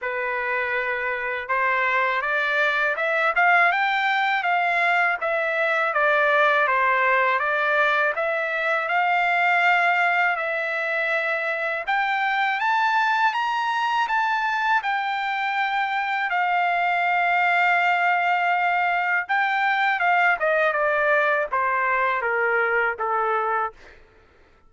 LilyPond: \new Staff \with { instrumentName = "trumpet" } { \time 4/4 \tempo 4 = 81 b'2 c''4 d''4 | e''8 f''8 g''4 f''4 e''4 | d''4 c''4 d''4 e''4 | f''2 e''2 |
g''4 a''4 ais''4 a''4 | g''2 f''2~ | f''2 g''4 f''8 dis''8 | d''4 c''4 ais'4 a'4 | }